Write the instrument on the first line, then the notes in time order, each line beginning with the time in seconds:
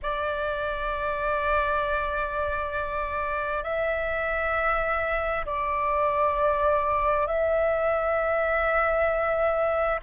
flute
0.02 D5
3.63 E5
5.45 D5
7.26 E5